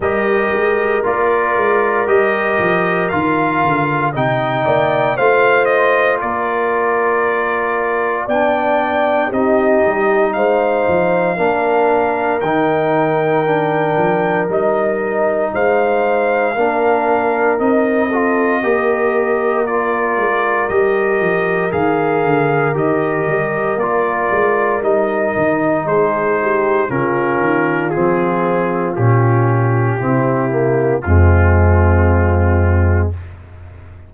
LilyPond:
<<
  \new Staff \with { instrumentName = "trumpet" } { \time 4/4 \tempo 4 = 58 dis''4 d''4 dis''4 f''4 | g''4 f''8 dis''8 d''2 | g''4 dis''4 f''2 | g''2 dis''4 f''4~ |
f''4 dis''2 d''4 | dis''4 f''4 dis''4 d''4 | dis''4 c''4 ais'4 gis'4 | g'2 f'2 | }
  \new Staff \with { instrumentName = "horn" } { \time 4/4 ais'1 | dis''8 d''8 c''4 ais'2 | d''4 g'4 c''4 ais'4~ | ais'2. c''4 |
ais'4. a'8 ais'2~ | ais'1~ | ais'4 gis'8 g'8 f'2~ | f'4 e'4 c'2 | }
  \new Staff \with { instrumentName = "trombone" } { \time 4/4 g'4 f'4 g'4 f'4 | dis'4 f'2. | d'4 dis'2 d'4 | dis'4 d'4 dis'2 |
d'4 dis'8 f'8 g'4 f'4 | g'4 gis'4 g'4 f'4 | dis'2 cis'4 c'4 | cis'4 c'8 ais8 gis2 | }
  \new Staff \with { instrumentName = "tuba" } { \time 4/4 g8 gis8 ais8 gis8 g8 f8 dis8 d8 | c8 ais8 a4 ais2 | b4 c'8 g8 gis8 f8 ais4 | dis4. f8 g4 gis4 |
ais4 c'4 ais4. gis8 | g8 f8 dis8 d8 dis8 g8 ais8 gis8 | g8 dis8 gis4 cis8 dis8 f4 | ais,4 c4 f,2 | }
>>